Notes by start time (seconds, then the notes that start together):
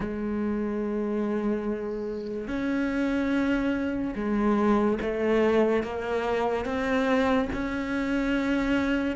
0.00 G#3
2.47 C#4
4.15 G#3
5.01 A3
5.83 A#3
6.65 C4
7.52 C#4